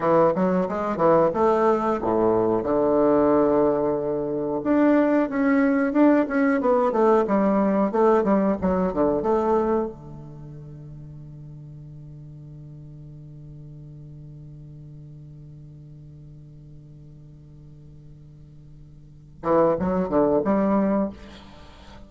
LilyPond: \new Staff \with { instrumentName = "bassoon" } { \time 4/4 \tempo 4 = 91 e8 fis8 gis8 e8 a4 a,4 | d2. d'4 | cis'4 d'8 cis'8 b8 a8 g4 | a8 g8 fis8 d8 a4 d4~ |
d1~ | d1~ | d1~ | d4. e8 fis8 d8 g4 | }